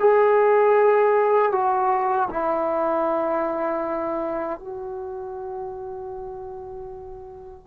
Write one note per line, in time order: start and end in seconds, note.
0.00 1.52 G#4
1.52 2.29 F#4
2.30 4.60 E4
4.60 7.67 F#4